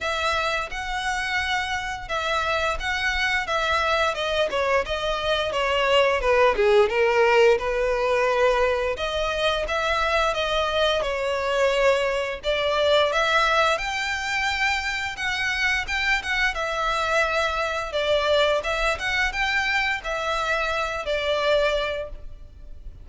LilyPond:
\new Staff \with { instrumentName = "violin" } { \time 4/4 \tempo 4 = 87 e''4 fis''2 e''4 | fis''4 e''4 dis''8 cis''8 dis''4 | cis''4 b'8 gis'8 ais'4 b'4~ | b'4 dis''4 e''4 dis''4 |
cis''2 d''4 e''4 | g''2 fis''4 g''8 fis''8 | e''2 d''4 e''8 fis''8 | g''4 e''4. d''4. | }